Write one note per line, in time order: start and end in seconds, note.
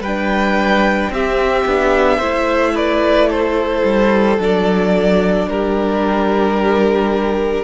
0.00 1.09 G3
0.00 1.11 B4
0.00 1.13 G5
0.07 1.14 D4
1.10 1.64 C4
1.10 1.68 C4
1.10 2.17 G4
1.10 2.76 E5
1.66 2.19 B3
1.66 2.21 D4
2.17 3.83 A3
2.17 4.39 E4
2.17 2.72 C5
2.75 3.29 B4
2.75 3.30 D5
3.30 5.48 A4
3.30 4.40 C5
3.84 4.38 G3
4.38 5.47 F#3
4.38 7.64 D4
4.38 5.49 D5
5.47 7.64 G3
5.47 7.64 G4
5.47 7.64 A#4